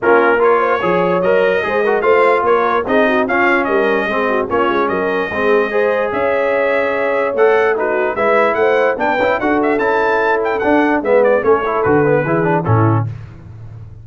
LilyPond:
<<
  \new Staff \with { instrumentName = "trumpet" } { \time 4/4 \tempo 4 = 147 ais'4 cis''2 dis''4~ | dis''4 f''4 cis''4 dis''4 | f''4 dis''2 cis''4 | dis''2. e''4~ |
e''2 fis''4 b'4 | e''4 fis''4 g''4 fis''8 e''8 | a''4. g''8 fis''4 e''8 d''8 | cis''4 b'2 a'4 | }
  \new Staff \with { instrumentName = "horn" } { \time 4/4 f'4 ais'8 c''8 cis''2 | c''8 ais'8 c''4 ais'4 gis'8 fis'8 | f'4 ais'4 gis'8 fis'8 f'4 | ais'4 gis'4 c''4 cis''4~ |
cis''2. fis'4 | b'4 c''4 b'4 a'4~ | a'2. b'4 | a'2 gis'4 e'4 | }
  \new Staff \with { instrumentName = "trombone" } { \time 4/4 cis'4 f'4 gis'4 ais'4 | gis'8 fis'8 f'2 dis'4 | cis'2 c'4 cis'4~ | cis'4 c'4 gis'2~ |
gis'2 a'4 dis'4 | e'2 d'8 e'8 fis'4 | e'2 d'4 b4 | cis'8 e'8 fis'8 b8 e'8 d'8 cis'4 | }
  \new Staff \with { instrumentName = "tuba" } { \time 4/4 ais2 f4 fis4 | gis4 a4 ais4 c'4 | cis'4 g4 gis4 ais8 gis8 | fis4 gis2 cis'4~ |
cis'2 a2 | gis4 a4 b8 cis'8 d'4 | cis'2 d'4 gis4 | a4 d4 e4 a,4 | }
>>